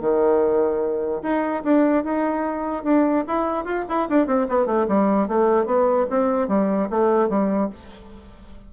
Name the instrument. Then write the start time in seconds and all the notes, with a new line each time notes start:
bassoon
0.00 D#3
1.22 D#4
1.63 D4
2.04 D#4
2.83 D4
3.27 E4
3.64 F4
3.88 E4
4.09 D4
4.27 C4
4.49 B3
4.66 A3
4.88 G3
5.28 A3
5.65 B3
6.10 C4
6.48 G3
6.90 A3
7.29 G3